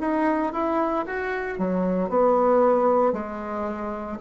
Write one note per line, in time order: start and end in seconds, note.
0.00 0.53 D#4
0.53 1.05 E4
1.06 1.58 F#4
1.58 2.09 F#3
2.09 3.12 B3
3.12 4.18 G#3